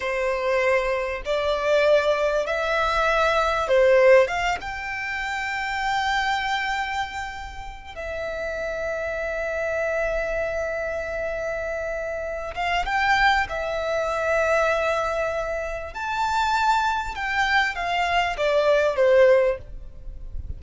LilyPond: \new Staff \with { instrumentName = "violin" } { \time 4/4 \tempo 4 = 98 c''2 d''2 | e''2 c''4 f''8 g''8~ | g''1~ | g''4 e''2.~ |
e''1~ | e''8 f''8 g''4 e''2~ | e''2 a''2 | g''4 f''4 d''4 c''4 | }